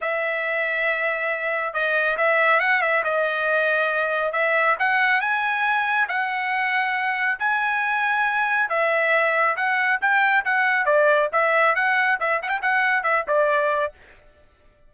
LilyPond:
\new Staff \with { instrumentName = "trumpet" } { \time 4/4 \tempo 4 = 138 e''1 | dis''4 e''4 fis''8 e''8 dis''4~ | dis''2 e''4 fis''4 | gis''2 fis''2~ |
fis''4 gis''2. | e''2 fis''4 g''4 | fis''4 d''4 e''4 fis''4 | e''8 fis''16 g''16 fis''4 e''8 d''4. | }